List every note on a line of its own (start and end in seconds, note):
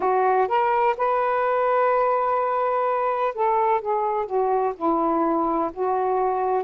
0.00 0.48 F#4
0.48 0.95 A#4
0.97 3.34 B4
3.34 3.81 A4
3.81 4.26 G#4
4.26 4.73 F#4
4.76 5.71 E4
5.73 6.63 F#4